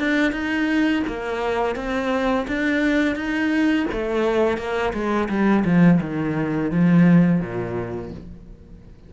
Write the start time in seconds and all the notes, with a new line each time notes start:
0.00 D4
0.33 D#4
1.08 A#3
1.76 C4
2.48 D4
3.16 D#4
3.92 A3
4.58 A#3
4.94 G#3
5.29 G3
5.65 F3
6.01 D#3
6.72 F3
7.41 A#2